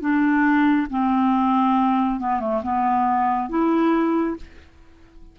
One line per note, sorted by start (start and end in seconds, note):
0.00 0.87 D4
0.90 2.19 C4
2.19 2.40 B3
2.40 2.62 A3
2.63 3.49 B3
3.49 4.36 E4